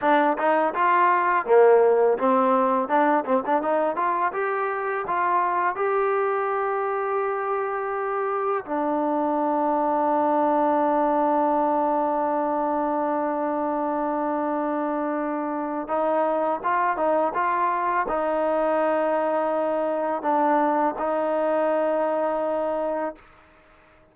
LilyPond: \new Staff \with { instrumentName = "trombone" } { \time 4/4 \tempo 4 = 83 d'8 dis'8 f'4 ais4 c'4 | d'8 c'16 d'16 dis'8 f'8 g'4 f'4 | g'1 | d'1~ |
d'1~ | d'2 dis'4 f'8 dis'8 | f'4 dis'2. | d'4 dis'2. | }